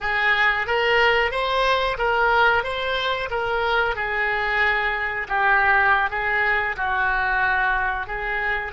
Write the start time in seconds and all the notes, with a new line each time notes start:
0.00 G#4
0.66 A#4
1.31 C5
1.98 A#4
2.63 C5
3.30 A#4
3.95 G#4
5.28 G4
6.10 G#4
6.76 F#4
8.06 G#4